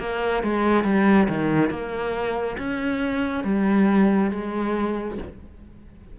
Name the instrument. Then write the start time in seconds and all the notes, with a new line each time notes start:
cello
0.00 A#3
0.43 G#3
0.85 G3
1.28 D#3
1.70 A#3
2.58 C#4
3.45 G3
4.31 G#3